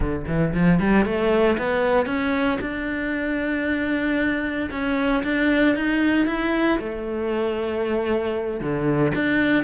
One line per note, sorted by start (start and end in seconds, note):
0.00 0.25 D3
0.27 0.53 E3
0.53 0.79 F3
0.79 1.05 G3
1.05 1.57 A3
1.58 2.06 B3
2.06 2.58 C#4
2.61 4.69 D4
4.71 5.23 C#4
5.23 5.75 D4
5.75 6.26 D#4
6.26 6.78 E4
6.79 8.60 A3
8.60 9.12 D3
9.14 9.63 D4